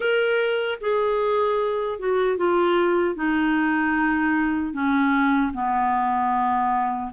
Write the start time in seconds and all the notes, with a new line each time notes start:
0.00 A#4
0.81 G#4
1.99 F#4
2.37 F4
3.15 D#4
4.73 C#4
5.53 B3